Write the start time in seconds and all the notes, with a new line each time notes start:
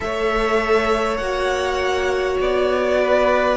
0.00 A3 A4 C#5 E5
1.17 A#3 F#4 F#5
2.40 B3 D5
3.00 B4